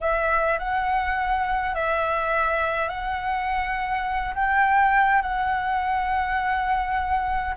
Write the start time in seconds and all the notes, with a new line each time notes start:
0.00 E5
0.59 F#5
1.74 E5
2.88 F#5
4.35 G5
5.22 F#5